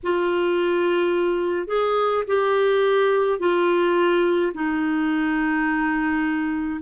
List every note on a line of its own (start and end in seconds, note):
0.03 1.67 F4
1.67 2.23 G#4
2.26 3.39 G4
3.39 4.52 F4
4.53 6.80 D#4